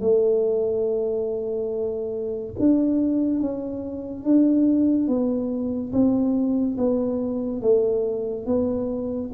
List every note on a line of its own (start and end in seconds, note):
0.00 2.54 A3
2.59 3.40 D4
3.40 4.24 C#4
4.24 5.07 D4
5.07 5.92 B3
5.92 6.76 C4
6.77 7.61 B3
7.61 8.46 A3
8.46 9.30 B3